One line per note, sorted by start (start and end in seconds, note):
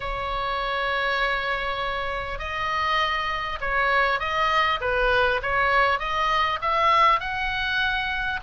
0.00 2.38 C#5
2.38 3.58 D#5
3.60 4.19 C#5
4.19 4.79 D#5
4.81 5.41 B4
5.42 5.99 C#5
5.99 6.59 D#5
6.61 7.19 E5
7.19 8.39 F#5